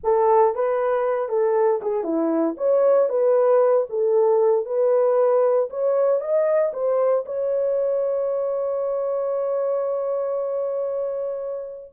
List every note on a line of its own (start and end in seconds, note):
0.03 0.54 A4
0.54 1.28 B4
1.28 1.80 A4
1.82 2.03 G#4
2.03 2.55 E4
2.57 3.09 C#5
3.09 3.87 B4
3.89 4.65 A4
4.65 5.69 B4
5.70 6.20 C#5
6.20 6.72 D#5
6.73 7.24 C5
7.25 11.91 C#5